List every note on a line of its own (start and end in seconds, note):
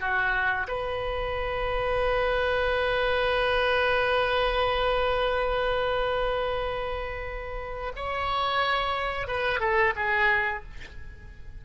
0.00 0.67 F#4
0.68 7.93 B4
7.96 9.28 C#5
9.28 9.60 B4
9.60 9.94 A4
9.96 10.64 G#4